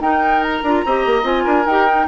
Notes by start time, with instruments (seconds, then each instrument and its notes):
0.00 bassoon D#4, clarinet D#4, oboe A#4, flute G5
0.43 flute A#5
0.63 bassoon D4, clarinet F4
0.86 bassoon C4, clarinet G4, oboe D#5
1.06 bassoon A#3
1.23 bassoon C4, clarinet F4, flute G#5
1.44 bassoon D4, oboe A#4
1.66 bassoon D#4, clarinet G4, flute G5
1.88 clarinet D#4